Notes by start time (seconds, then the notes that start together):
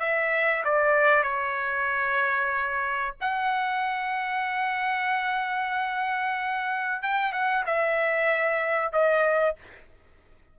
0.00 E5
0.65 D5
1.24 C#5
3.21 F#5
7.03 G5
7.33 F#5
7.66 E5
8.92 D#5